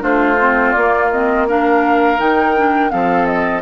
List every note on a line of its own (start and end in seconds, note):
0.00 0.74 A3
0.00 0.36 D4
0.00 1.47 F4
0.00 0.71 C5
0.40 0.76 C4
0.71 2.19 A#3
0.71 1.12 A#3
0.71 1.07 D5
1.10 1.48 C4
1.10 1.47 D#5
1.47 2.18 D4
1.47 2.91 A#4
1.47 2.20 F5
2.18 2.92 D#3
2.18 2.54 D#4
2.18 2.90 G5
2.57 2.90 D4
2.90 3.62 F3
2.90 3.62 C4
2.90 3.62 A4
2.90 3.25 F5
3.25 3.61 D#5